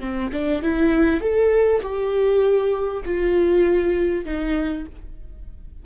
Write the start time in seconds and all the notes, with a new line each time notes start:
0.00 C4
0.32 D4
0.62 E4
1.21 A4
1.82 G4
3.05 F4
4.25 D#4